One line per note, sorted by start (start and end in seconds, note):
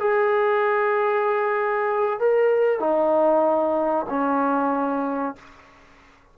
0.00 2.20 G#4
2.20 2.80 A#4
2.80 4.07 D#4
4.10 5.36 C#4